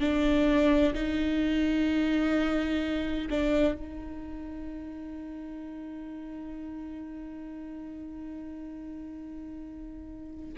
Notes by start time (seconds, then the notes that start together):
0.00 D4
0.94 D#4
3.30 D4
3.75 D#4